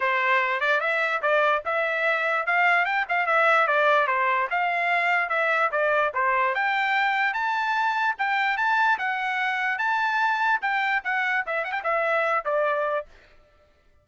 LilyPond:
\new Staff \with { instrumentName = "trumpet" } { \time 4/4 \tempo 4 = 147 c''4. d''8 e''4 d''4 | e''2 f''4 g''8 f''8 | e''4 d''4 c''4 f''4~ | f''4 e''4 d''4 c''4 |
g''2 a''2 | g''4 a''4 fis''2 | a''2 g''4 fis''4 | e''8 fis''16 g''16 e''4. d''4. | }